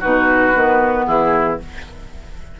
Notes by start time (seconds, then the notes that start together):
0.00 B2 D#4 F#4 B4
0.55 D#3 B3
1.07 E3 E4 G#4